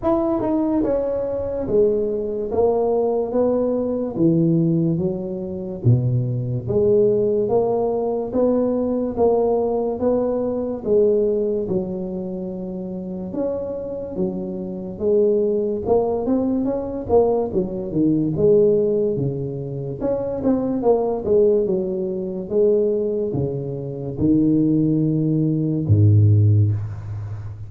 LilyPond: \new Staff \with { instrumentName = "tuba" } { \time 4/4 \tempo 4 = 72 e'8 dis'8 cis'4 gis4 ais4 | b4 e4 fis4 b,4 | gis4 ais4 b4 ais4 | b4 gis4 fis2 |
cis'4 fis4 gis4 ais8 c'8 | cis'8 ais8 fis8 dis8 gis4 cis4 | cis'8 c'8 ais8 gis8 fis4 gis4 | cis4 dis2 gis,4 | }